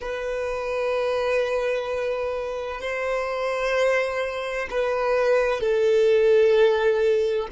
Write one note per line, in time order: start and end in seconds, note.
0.00 2.80 B4
2.80 4.68 C5
4.70 5.60 B4
5.60 7.48 A4